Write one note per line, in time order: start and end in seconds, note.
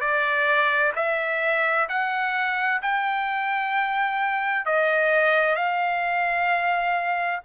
0.00 0.92 D5
0.96 1.88 E5
1.89 2.81 F#5
2.82 4.65 G5
4.65 5.56 D#5
5.56 7.40 F5